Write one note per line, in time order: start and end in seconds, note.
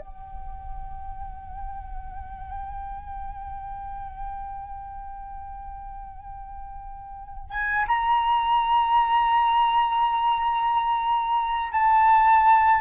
0.00 7.50 G5
7.50 7.87 G#5
7.88 11.72 A#5
11.72 12.81 A5